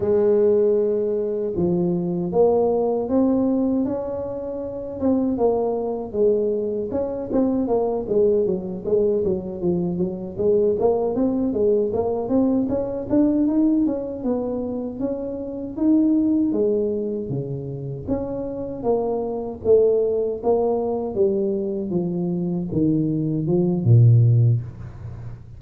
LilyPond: \new Staff \with { instrumentName = "tuba" } { \time 4/4 \tempo 4 = 78 gis2 f4 ais4 | c'4 cis'4. c'8 ais4 | gis4 cis'8 c'8 ais8 gis8 fis8 gis8 | fis8 f8 fis8 gis8 ais8 c'8 gis8 ais8 |
c'8 cis'8 d'8 dis'8 cis'8 b4 cis'8~ | cis'8 dis'4 gis4 cis4 cis'8~ | cis'8 ais4 a4 ais4 g8~ | g8 f4 dis4 f8 ais,4 | }